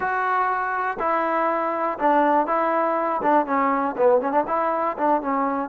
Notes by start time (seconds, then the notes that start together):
0.00 F#4
0.99 E4
1.98 D4
2.47 E4
3.22 D4
3.46 C#4
3.97 B3
4.21 C#4
4.31 D4
4.47 E4
4.97 D4
5.21 C#4